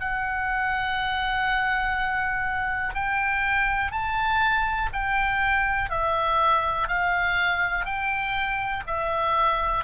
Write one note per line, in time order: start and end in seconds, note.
0.00 2.94 F#5
2.94 3.92 G5
3.92 4.90 A5
4.93 5.90 G5
5.90 6.88 E5
6.88 7.85 F5
7.85 8.83 G5
8.87 9.84 E5